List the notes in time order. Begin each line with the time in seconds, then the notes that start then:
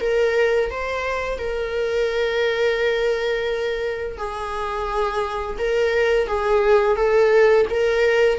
0.00 A#4
0.70 C5
1.38 A#4
4.17 G#4
5.58 A#4
6.27 G#4
6.96 A4
7.70 A#4